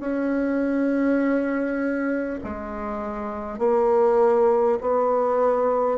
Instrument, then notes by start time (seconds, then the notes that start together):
bassoon
0.00 C#4
2.44 G#3
3.59 A#3
4.81 B3